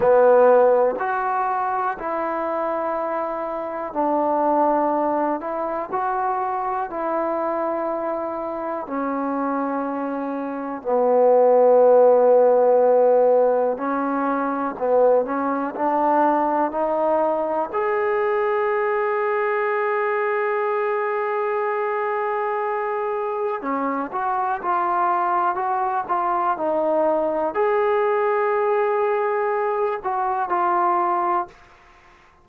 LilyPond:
\new Staff \with { instrumentName = "trombone" } { \time 4/4 \tempo 4 = 61 b4 fis'4 e'2 | d'4. e'8 fis'4 e'4~ | e'4 cis'2 b4~ | b2 cis'4 b8 cis'8 |
d'4 dis'4 gis'2~ | gis'1 | cis'8 fis'8 f'4 fis'8 f'8 dis'4 | gis'2~ gis'8 fis'8 f'4 | }